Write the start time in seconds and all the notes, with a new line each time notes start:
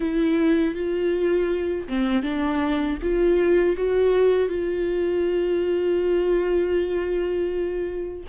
0.00 E4
0.75 F4
1.88 C4
2.23 D4
3.01 F4
3.76 F#4
4.48 F4